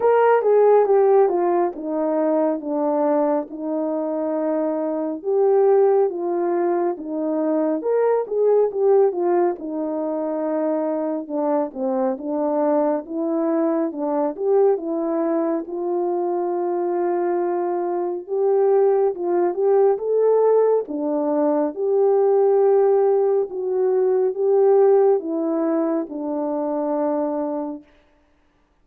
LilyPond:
\new Staff \with { instrumentName = "horn" } { \time 4/4 \tempo 4 = 69 ais'8 gis'8 g'8 f'8 dis'4 d'4 | dis'2 g'4 f'4 | dis'4 ais'8 gis'8 g'8 f'8 dis'4~ | dis'4 d'8 c'8 d'4 e'4 |
d'8 g'8 e'4 f'2~ | f'4 g'4 f'8 g'8 a'4 | d'4 g'2 fis'4 | g'4 e'4 d'2 | }